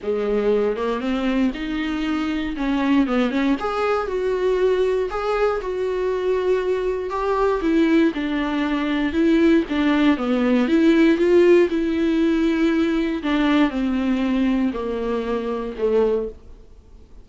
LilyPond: \new Staff \with { instrumentName = "viola" } { \time 4/4 \tempo 4 = 118 gis4. ais8 c'4 dis'4~ | dis'4 cis'4 b8 cis'8 gis'4 | fis'2 gis'4 fis'4~ | fis'2 g'4 e'4 |
d'2 e'4 d'4 | b4 e'4 f'4 e'4~ | e'2 d'4 c'4~ | c'4 ais2 a4 | }